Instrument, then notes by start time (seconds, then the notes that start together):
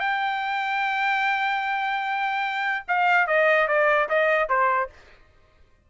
trumpet
0.00 G5
2.88 F5
3.27 D#5
3.68 D5
4.09 D#5
4.49 C5